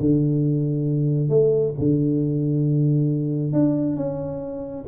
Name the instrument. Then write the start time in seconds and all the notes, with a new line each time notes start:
tuba
0.00 D3
1.29 A3
1.79 D3
3.53 D4
3.96 C#4